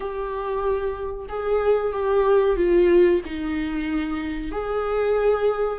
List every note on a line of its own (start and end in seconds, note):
0.00 1.26 G4
1.28 1.92 G#4
1.92 2.56 G4
2.56 3.21 F4
3.25 4.51 D#4
4.51 5.79 G#4